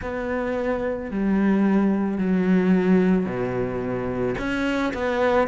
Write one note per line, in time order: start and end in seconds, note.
0.01 1.10 B3
1.11 2.18 G3
2.18 3.25 F#3
3.25 4.34 B2
4.38 4.92 C#4
4.93 5.47 B3